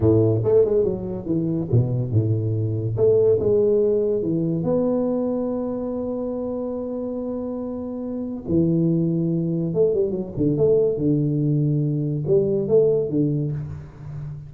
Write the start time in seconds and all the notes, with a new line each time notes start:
0.00 A2
0.43 A3
0.64 G#3
0.83 F#3
1.25 E3
1.71 B2
2.11 A2
2.97 A3
3.39 G#3
4.22 E3
4.63 B3
8.48 E3
9.74 A3
9.94 G3
10.11 F#3
10.37 D3
10.57 A3
10.97 D3
12.26 G3
12.68 A3
13.09 D3